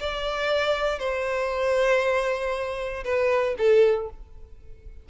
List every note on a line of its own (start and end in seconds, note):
0.00 0.99 D5
0.99 3.04 C5
3.04 3.56 B4
3.58 4.10 A4